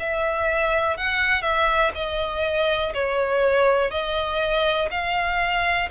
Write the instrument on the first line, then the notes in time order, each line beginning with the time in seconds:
violin
0.00 E5
0.97 F#5
1.42 E5
1.95 D#5
2.94 C#5
3.91 D#5
4.91 F5